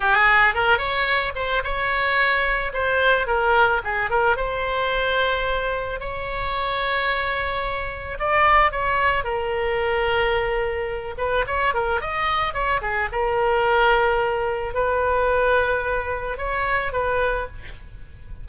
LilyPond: \new Staff \with { instrumentName = "oboe" } { \time 4/4 \tempo 4 = 110 gis'4 ais'8 cis''4 c''8 cis''4~ | cis''4 c''4 ais'4 gis'8 ais'8 | c''2. cis''4~ | cis''2. d''4 |
cis''4 ais'2.~ | ais'8 b'8 cis''8 ais'8 dis''4 cis''8 gis'8 | ais'2. b'4~ | b'2 cis''4 b'4 | }